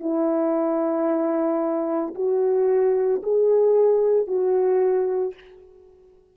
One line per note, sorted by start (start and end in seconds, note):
0.00 2.14 E4
2.14 3.21 F#4
3.22 4.27 G#4
4.27 5.34 F#4